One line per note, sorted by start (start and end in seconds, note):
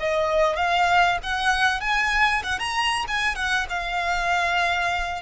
0.00 0.57 D#5
0.57 1.18 F5
1.23 1.81 F#5
1.81 2.43 G#5
2.43 2.59 F#5
2.59 3.05 A#5
3.08 3.35 G#5
3.35 3.66 F#5
3.69 5.22 F5